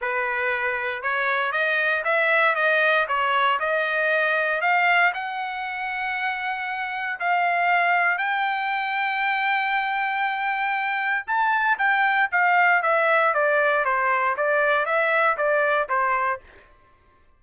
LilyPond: \new Staff \with { instrumentName = "trumpet" } { \time 4/4 \tempo 4 = 117 b'2 cis''4 dis''4 | e''4 dis''4 cis''4 dis''4~ | dis''4 f''4 fis''2~ | fis''2 f''2 |
g''1~ | g''2 a''4 g''4 | f''4 e''4 d''4 c''4 | d''4 e''4 d''4 c''4 | }